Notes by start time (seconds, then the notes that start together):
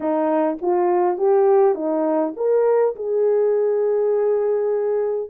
0.00 D#4
0.61 F4
1.17 G4
1.75 D#4
2.36 A#4
2.95 G#4